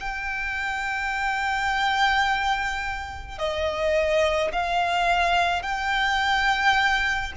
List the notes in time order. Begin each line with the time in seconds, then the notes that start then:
0.00 G5
3.38 D#5
4.52 F5
5.62 G5